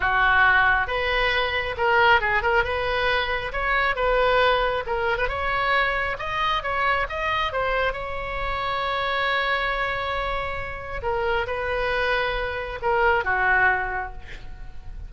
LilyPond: \new Staff \with { instrumentName = "oboe" } { \time 4/4 \tempo 4 = 136 fis'2 b'2 | ais'4 gis'8 ais'8 b'2 | cis''4 b'2 ais'8. b'16 | cis''2 dis''4 cis''4 |
dis''4 c''4 cis''2~ | cis''1~ | cis''4 ais'4 b'2~ | b'4 ais'4 fis'2 | }